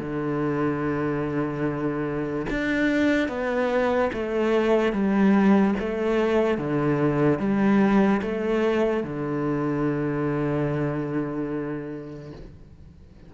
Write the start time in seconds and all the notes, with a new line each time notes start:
0.00 D3
2.50 D4
3.28 B3
4.14 A3
4.93 G3
5.80 A3
6.58 D3
7.39 G3
8.22 A3
9.04 D3